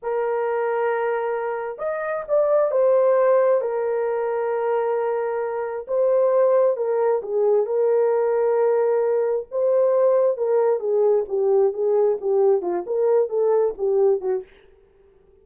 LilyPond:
\new Staff \with { instrumentName = "horn" } { \time 4/4 \tempo 4 = 133 ais'1 | dis''4 d''4 c''2 | ais'1~ | ais'4 c''2 ais'4 |
gis'4 ais'2.~ | ais'4 c''2 ais'4 | gis'4 g'4 gis'4 g'4 | f'8 ais'4 a'4 g'4 fis'8 | }